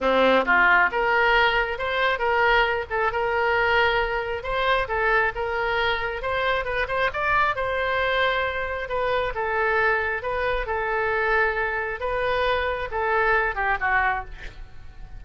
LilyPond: \new Staff \with { instrumentName = "oboe" } { \time 4/4 \tempo 4 = 135 c'4 f'4 ais'2 | c''4 ais'4. a'8 ais'4~ | ais'2 c''4 a'4 | ais'2 c''4 b'8 c''8 |
d''4 c''2. | b'4 a'2 b'4 | a'2. b'4~ | b'4 a'4. g'8 fis'4 | }